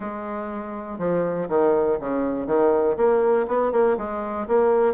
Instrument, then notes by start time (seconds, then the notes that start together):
bassoon
0.00 G#3
0.98 F3
1.48 D#3
2.00 C#3
2.46 D#3
2.96 A#3
3.47 B3
3.72 A#3
3.97 G#3
4.47 A#3